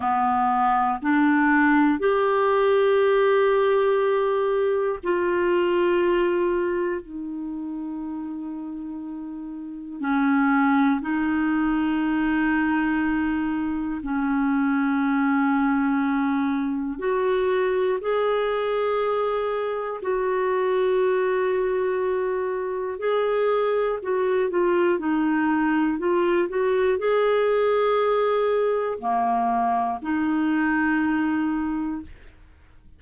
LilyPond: \new Staff \with { instrumentName = "clarinet" } { \time 4/4 \tempo 4 = 60 b4 d'4 g'2~ | g'4 f'2 dis'4~ | dis'2 cis'4 dis'4~ | dis'2 cis'2~ |
cis'4 fis'4 gis'2 | fis'2. gis'4 | fis'8 f'8 dis'4 f'8 fis'8 gis'4~ | gis'4 ais4 dis'2 | }